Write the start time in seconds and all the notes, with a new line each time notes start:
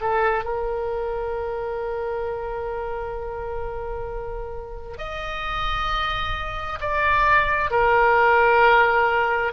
0.00 A4
0.44 A#4
4.97 D#5
6.80 D5
7.70 A#4